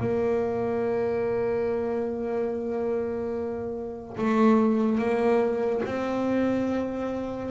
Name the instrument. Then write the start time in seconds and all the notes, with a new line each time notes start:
double bass
0.00 A#3
4.18 A3
4.98 A#3
5.85 C4